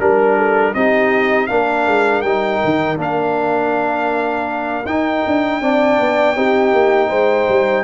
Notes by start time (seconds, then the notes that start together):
0.00 G3 D4 A#4
0.37 A4
0.74 C4 D#4 G4 D#5
1.47 A#3 D4 A#4 F5
1.87 G#3
2.22 G3 D#4 G5
2.64 D#3
2.97 A#3 D4 F5
4.86 D#4 G5
5.27 D4
5.61 C4 D4 D5
6.00 B3
6.36 C4 D#4 G4
6.73 A#3
7.09 G#3 C5
7.49 G3